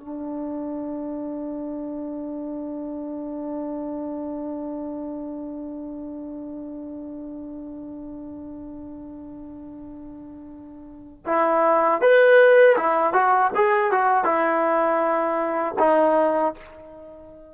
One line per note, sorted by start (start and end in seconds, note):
0.00 11.25 D4
11.26 12.01 E4
12.01 12.76 B4
12.77 13.13 E4
13.13 13.51 F#4
13.55 13.92 G#4
13.92 14.25 F#4
14.25 15.75 E4
15.79 16.54 D#4